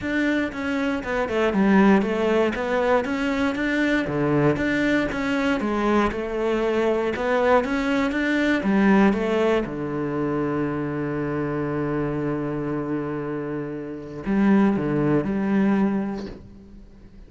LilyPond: \new Staff \with { instrumentName = "cello" } { \time 4/4 \tempo 4 = 118 d'4 cis'4 b8 a8 g4 | a4 b4 cis'4 d'4 | d4 d'4 cis'4 gis4 | a2 b4 cis'4 |
d'4 g4 a4 d4~ | d1~ | d1 | g4 d4 g2 | }